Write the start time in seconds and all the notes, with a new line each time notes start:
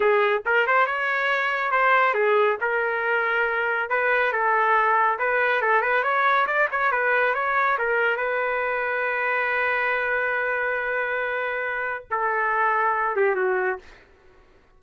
0.00 G#4
0.45 A#4
0.67 C5
0.86 C#5
1.71 C5
2.13 G#4
2.60 A#4
3.89 B4
4.32 A4
5.18 B4
5.61 A4
5.81 B4
6.03 C#5
6.46 D5
6.71 C#5
6.91 B4
7.34 C#5
7.78 A#4
8.16 B4
12.10 A4
13.16 G4
13.35 F#4